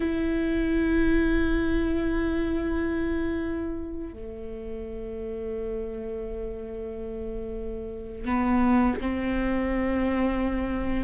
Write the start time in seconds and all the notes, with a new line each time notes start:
0.00 E4
4.13 A3
8.25 B3
9.01 C4